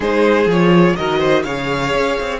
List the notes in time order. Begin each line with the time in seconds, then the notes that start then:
0.00 G#3 D#4 G#4 C5
0.46 F3 F4 C#5
0.95 D#3 F#4 A#4 D#5
1.18 C5
1.43 C#3 G#4 C#5 F5
1.93 C#4
2.20 C4